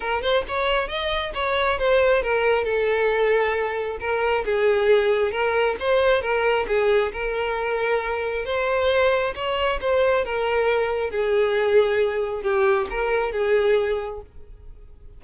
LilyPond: \new Staff \with { instrumentName = "violin" } { \time 4/4 \tempo 4 = 135 ais'8 c''8 cis''4 dis''4 cis''4 | c''4 ais'4 a'2~ | a'4 ais'4 gis'2 | ais'4 c''4 ais'4 gis'4 |
ais'2. c''4~ | c''4 cis''4 c''4 ais'4~ | ais'4 gis'2. | g'4 ais'4 gis'2 | }